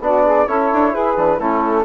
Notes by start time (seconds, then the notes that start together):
0.00 B3 D4 F#4 D5
0.25 G#4
0.47 C#4 E4 A4 C#5
0.72 D4
0.92 E4 G#4 B4
1.17 E3 D4
1.37 A3 C#4 E4 A4